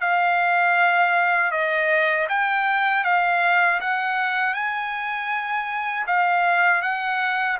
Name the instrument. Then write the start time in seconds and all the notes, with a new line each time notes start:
trumpet
0.00 F5
1.51 D#5
2.29 G5
3.04 F5
3.80 F#5
4.54 G#5
6.07 F5
6.82 F#5